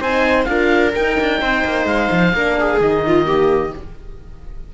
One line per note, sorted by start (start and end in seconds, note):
0.00 0.47 C4
0.00 0.46 D#4
0.00 0.47 C5
0.00 0.44 G#5
0.44 0.94 D4
0.44 0.92 F4
0.44 1.41 A#4
0.44 0.91 F5
0.94 1.19 D#4
0.94 2.35 D#4
0.94 1.87 G5
1.20 1.41 D4
1.41 1.64 C4
1.41 2.34 C5
1.65 1.85 A#3
1.85 2.08 G#3
1.85 2.80 F5
2.11 2.33 F3
2.33 2.79 A#3
2.33 2.80 D4
2.33 2.58 A#4
2.59 3.06 G#4
2.80 3.73 D#3
2.80 3.25 D#4
2.80 3.74 D#5
3.06 3.26 F4
3.25 3.71 A#3
3.25 3.73 G4